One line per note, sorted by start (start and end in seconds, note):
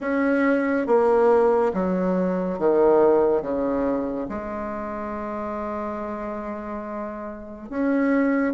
0.00 0.86 C#4
0.86 1.72 A#3
1.73 2.58 F#3
2.58 3.42 D#3
3.42 4.27 C#3
4.28 7.69 G#3
7.69 8.53 C#4